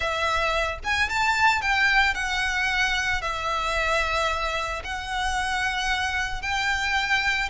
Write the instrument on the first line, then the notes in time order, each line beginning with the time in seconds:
violin
0.00 E5
0.84 G#5
1.09 A5
1.61 G5
2.14 F#5
3.21 E5
4.84 F#5
6.42 G5